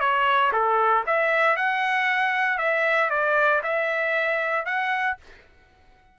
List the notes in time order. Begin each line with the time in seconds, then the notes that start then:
0.00 C#5
0.52 A4
1.06 E5
1.56 F#5
2.58 E5
3.10 D5
3.63 E5
4.66 F#5